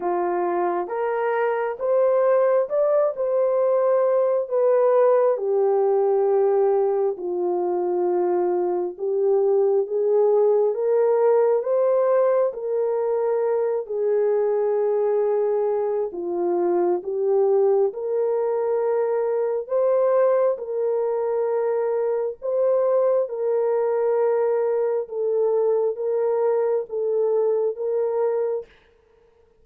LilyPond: \new Staff \with { instrumentName = "horn" } { \time 4/4 \tempo 4 = 67 f'4 ais'4 c''4 d''8 c''8~ | c''4 b'4 g'2 | f'2 g'4 gis'4 | ais'4 c''4 ais'4. gis'8~ |
gis'2 f'4 g'4 | ais'2 c''4 ais'4~ | ais'4 c''4 ais'2 | a'4 ais'4 a'4 ais'4 | }